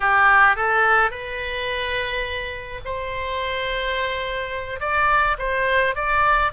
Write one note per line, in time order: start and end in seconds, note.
0.00 0.56 G4
0.56 1.10 A4
1.10 2.80 B4
2.84 4.80 C5
4.80 5.36 D5
5.38 5.95 C5
5.95 6.51 D5